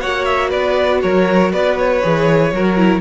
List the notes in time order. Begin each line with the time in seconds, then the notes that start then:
0.00 A#3 F#4 C#5 F#5
0.25 E5
0.49 B3 B4 D5
1.02 F#3 A#4 C#5
1.52 B3 B4 D5
1.78 C#5
2.02 E3 G#4
2.52 F#3 F#4 A#4
2.76 E4